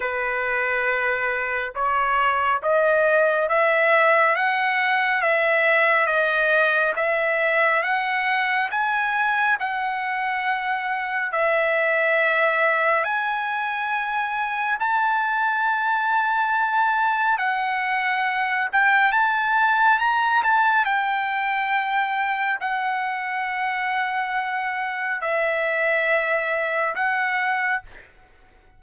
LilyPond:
\new Staff \with { instrumentName = "trumpet" } { \time 4/4 \tempo 4 = 69 b'2 cis''4 dis''4 | e''4 fis''4 e''4 dis''4 | e''4 fis''4 gis''4 fis''4~ | fis''4 e''2 gis''4~ |
gis''4 a''2. | fis''4. g''8 a''4 ais''8 a''8 | g''2 fis''2~ | fis''4 e''2 fis''4 | }